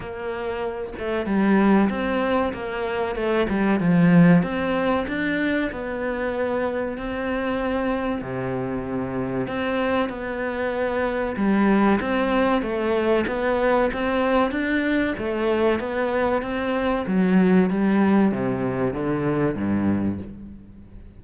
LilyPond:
\new Staff \with { instrumentName = "cello" } { \time 4/4 \tempo 4 = 95 ais4. a8 g4 c'4 | ais4 a8 g8 f4 c'4 | d'4 b2 c'4~ | c'4 c2 c'4 |
b2 g4 c'4 | a4 b4 c'4 d'4 | a4 b4 c'4 fis4 | g4 c4 d4 g,4 | }